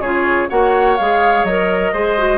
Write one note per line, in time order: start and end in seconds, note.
0.00 0.48 C#3
0.00 0.48 F4
0.00 0.49 G#4
0.00 0.49 C#5
0.48 0.99 A#3
0.48 0.96 F#4
0.48 1.93 C#5
0.48 0.97 F#5
0.97 1.44 G#3
0.97 1.48 G#4
0.97 1.45 F5
1.44 1.92 F#3
1.44 1.95 A#4
1.44 2.38 D#5
1.93 2.38 G#3
1.93 2.18 G#4
1.93 2.38 C5
2.18 2.38 F#4